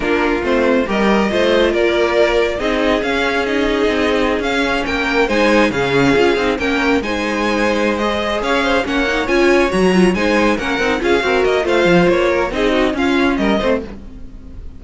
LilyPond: <<
  \new Staff \with { instrumentName = "violin" } { \time 4/4 \tempo 4 = 139 ais'4 c''4 dis''2 | d''2 dis''4 f''4 | dis''2~ dis''16 f''4 g''8.~ | g''16 gis''4 f''2 g''8.~ |
g''16 gis''2~ gis''16 dis''4 f''8~ | f''8 fis''4 gis''4 ais''4 gis''8~ | gis''8 fis''4 f''4 dis''8 f''4 | cis''4 dis''4 f''4 dis''4 | }
  \new Staff \with { instrumentName = "violin" } { \time 4/4 f'2 ais'4 c''4 | ais'2 gis'2~ | gis'2.~ gis'16 ais'8.~ | ais'16 c''4 gis'2 ais'8.~ |
ais'16 c''2.~ c''16 cis''8 | c''8 cis''2. c''8~ | c''8 ais'4 gis'8 ais'4 c''4~ | c''8 ais'8 gis'8 fis'8 f'4 ais'8 c''8 | }
  \new Staff \with { instrumentName = "viola" } { \time 4/4 d'4 c'4 g'4 f'4~ | f'2 dis'4 cis'4 | dis'2~ dis'16 cis'4.~ cis'16~ | cis'16 dis'4 cis'4 f'8 dis'8 cis'8.~ |
cis'16 dis'2~ dis'16 gis'4.~ | gis'8 cis'8 dis'8 f'4 fis'8 f'8 dis'8~ | dis'8 cis'8 dis'8 f'8 fis'4 f'4~ | f'4 dis'4 cis'4. c'8 | }
  \new Staff \with { instrumentName = "cello" } { \time 4/4 ais4 a4 g4 a4 | ais2 c'4 cis'4~ | cis'4 c'4~ c'16 cis'4 ais8.~ | ais16 gis4 cis4 cis'8 c'8 ais8.~ |
ais16 gis2.~ gis16 cis'8~ | cis'8 ais4 cis'4 fis4 gis8~ | gis8 ais8 c'8 cis'8 c'8 ais8 a8 f8 | ais4 c'4 cis'4 g8 a8 | }
>>